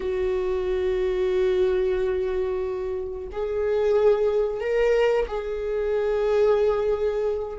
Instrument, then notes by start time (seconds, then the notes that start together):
viola
0.00 F#4
3.32 G#4
4.60 A#4
5.27 G#4